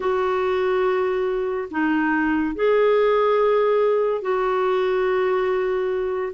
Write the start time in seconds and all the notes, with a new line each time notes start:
0.00 F#4
1.71 D#4
2.55 G#4
4.21 F#4